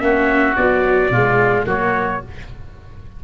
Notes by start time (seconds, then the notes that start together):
0.00 A#3 C#4 F#4 E5
0.56 F#3 B3 D5
1.10 B2 G#3 F4
1.66 F#3 A#3 F#4 C#5